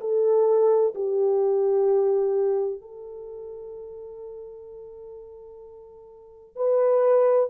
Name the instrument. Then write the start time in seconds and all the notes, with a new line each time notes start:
horn
0.00 A4
0.95 G4
2.81 A4
6.56 B4